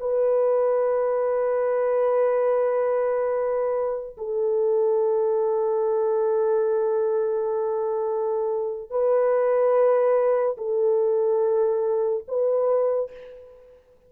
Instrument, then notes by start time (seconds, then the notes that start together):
horn
0.00 B4
4.17 A4
8.90 B4
10.58 A4
12.28 B4